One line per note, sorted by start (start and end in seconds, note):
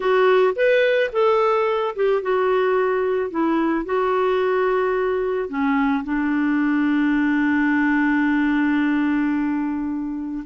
0.00 0.54 F#4
0.55 1.10 B4
1.12 1.95 A4
1.95 2.22 G4
2.22 3.30 F#4
3.30 3.85 E4
3.85 5.48 F#4
5.48 6.03 C#4
6.04 10.44 D4